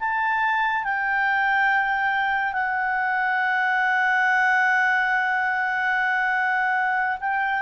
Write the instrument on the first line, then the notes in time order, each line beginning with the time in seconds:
clarinet
0.00 A5
0.85 G5
2.53 F#5
7.21 G5